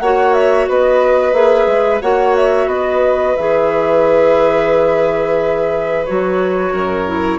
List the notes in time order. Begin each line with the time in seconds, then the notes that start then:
0.00 A#3 F#4 C#5 F#5
0.34 E5
0.69 B3 B4 D#5
1.33 A#3 G#4 E5
1.67 G#3
2.02 A#3 F#4 C#5 F#5
2.36 E5
2.67 B3 B4 D#5
3.36 E3 G#4 E5
6.06 F#3 F#4 C#5
6.72 F#2 A#4
7.06 E4